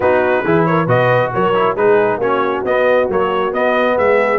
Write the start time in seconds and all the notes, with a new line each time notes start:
0.00 B3 D#4 F#4 B4
0.44 E3 E4 G#4
0.65 A#4 C#5
0.85 B2 F#4 B4 D#5
1.33 F#3 A#4 C#5
1.54 E4
1.75 G#3 D#4 G#4 B4
2.17 A#3 C#4 F#4 C#5
2.64 B3 D#5
3.09 F#3 A#3 C#5
3.52 B3 D#5
3.97 G#3 G#4 E5